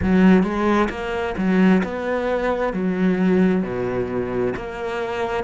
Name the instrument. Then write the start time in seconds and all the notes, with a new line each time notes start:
cello
0.02 F#3
0.43 G#3
0.89 A#3
1.37 F#3
1.83 B3
2.73 F#3
3.62 B2
4.55 A#3